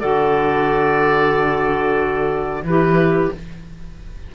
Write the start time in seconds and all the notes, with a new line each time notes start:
0.00 D3 F#4 A4 D5
2.63 E3 E4 G4 B4